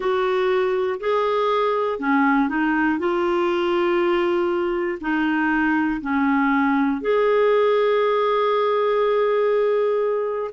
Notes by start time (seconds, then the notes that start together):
0.00 F#4
1.00 G#4
1.99 C#4
2.49 D#4
2.99 F4
5.00 D#4
6.00 C#4
7.01 G#4